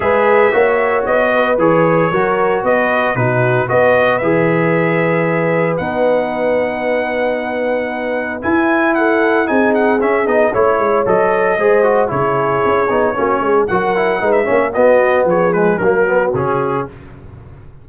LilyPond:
<<
  \new Staff \with { instrumentName = "trumpet" } { \time 4/4 \tempo 4 = 114 e''2 dis''4 cis''4~ | cis''4 dis''4 b'4 dis''4 | e''2. fis''4~ | fis''1 |
gis''4 fis''4 gis''8 fis''8 e''8 dis''8 | cis''4 dis''2 cis''4~ | cis''2 fis''4~ fis''16 e''8. | dis''4 cis''8 b'8 ais'4 gis'4 | }
  \new Staff \with { instrumentName = "horn" } { \time 4/4 b'4 cis''4. b'4. | ais'4 b'4 fis'4 b'4~ | b'1~ | b'1~ |
b'4 a'4 gis'2 | cis''2 c''4 gis'4~ | gis'4 fis'8 gis'8 ais'4 b'8 cis''8 | fis'4 gis'4 fis'2 | }
  \new Staff \with { instrumentName = "trombone" } { \time 4/4 gis'4 fis'2 gis'4 | fis'2 dis'4 fis'4 | gis'2. dis'4~ | dis'1 |
e'2 dis'4 cis'8 dis'8 | e'4 a'4 gis'8 fis'8 e'4~ | e'8 dis'8 cis'4 fis'8 e'8 dis'8 cis'8 | b4. gis8 ais8 b8 cis'4 | }
  \new Staff \with { instrumentName = "tuba" } { \time 4/4 gis4 ais4 b4 e4 | fis4 b4 b,4 b4 | e2. b4~ | b1 |
e'2 c'4 cis'8 b8 | a8 gis8 fis4 gis4 cis4 | cis'8 b8 ais8 gis8 fis4 gis8 ais8 | b4 f4 fis4 cis4 | }
>>